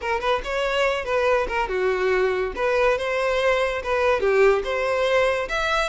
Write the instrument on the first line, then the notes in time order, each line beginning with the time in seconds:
violin
0.01 A#4
0.20 B4
0.44 C#5
1.04 B4
1.48 A#4
1.68 F#4
2.55 B4
2.98 C5
3.83 B4
4.20 G4
4.64 C5
5.48 E5